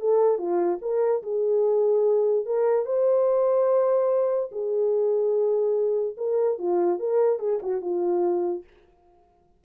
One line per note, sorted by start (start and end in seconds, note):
0.00 0.38 A4
0.38 0.79 F4
0.81 1.23 A#4
1.23 2.46 G#4
2.46 2.86 A#4
2.86 4.50 C5
4.51 6.16 G#4
6.17 6.58 A#4
6.58 6.99 F4
6.99 7.39 A#4
7.39 7.60 G#4
7.62 7.81 F#4
7.81 8.63 F4